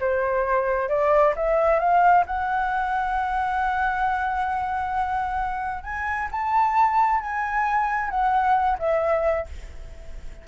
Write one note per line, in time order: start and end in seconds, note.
0.00 0.89 C5
0.89 1.34 D5
1.36 1.79 E5
1.79 2.25 F5
2.27 5.84 F#5
5.84 6.29 G#5
6.31 7.21 A5
7.21 8.10 G#5
8.10 8.78 F#5
8.79 9.47 E5